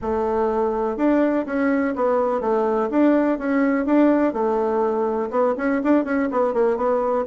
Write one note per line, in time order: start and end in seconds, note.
0.01 0.97 A3
0.97 1.45 D4
1.46 1.94 C#4
1.95 2.40 B3
2.40 2.89 A3
2.90 3.38 D4
3.38 3.85 C#4
3.85 4.33 D4
4.33 5.30 A3
5.30 5.54 B3
5.57 5.81 C#4
5.83 6.04 D4
6.04 6.28 C#4
6.31 6.53 B3
6.53 6.76 A#3
6.76 7.25 B3